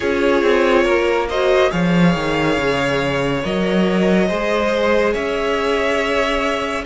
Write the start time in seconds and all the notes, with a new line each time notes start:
0.00 C#4 F4 G#4 C#5
0.42 C4
0.84 A#3 A#4
1.28 F#4 C5 D#5
1.70 F3 G#4 C#5 F5
2.15 D#3
2.57 C#3
3.43 F#3 A#4 D#5
4.27 G#3 G#4 C5
5.12 C#4 C#5 E5